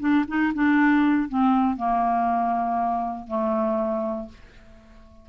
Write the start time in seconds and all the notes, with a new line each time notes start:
0.00 D4
0.28 D#4
0.54 D4
1.29 C4
1.77 A#3
3.28 A3